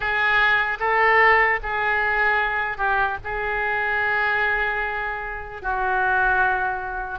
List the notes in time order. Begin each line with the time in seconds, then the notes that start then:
0.00 G#4
0.79 A4
1.62 G#4
2.77 G4
3.24 G#4
5.61 F#4